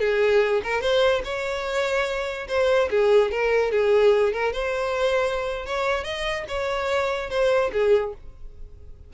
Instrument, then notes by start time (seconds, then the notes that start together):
violin
0.00 G#4
0.63 A#4
0.81 C5
1.24 C#5
2.48 C5
2.90 G#4
3.31 A#4
3.72 G#4
4.33 A#4
4.53 C5
5.66 C#5
6.04 D#5
6.48 C#5
7.30 C5
7.73 G#4